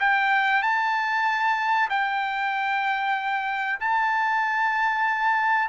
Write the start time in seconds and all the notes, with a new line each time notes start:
0.00 G5
0.63 A5
1.90 G5
3.80 A5